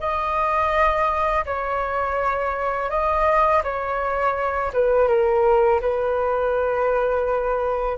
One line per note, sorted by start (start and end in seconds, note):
0.00 1.45 D#5
1.45 2.90 C#5
2.90 3.62 D#5
3.64 4.72 C#5
4.73 5.08 B4
5.08 5.80 A#4
5.81 7.97 B4